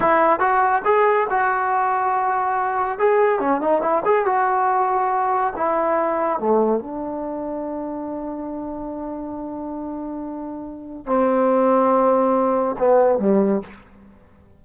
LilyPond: \new Staff \with { instrumentName = "trombone" } { \time 4/4 \tempo 4 = 141 e'4 fis'4 gis'4 fis'4~ | fis'2. gis'4 | cis'8 dis'8 e'8 gis'8 fis'2~ | fis'4 e'2 a4 |
d'1~ | d'1~ | d'2 c'2~ | c'2 b4 g4 | }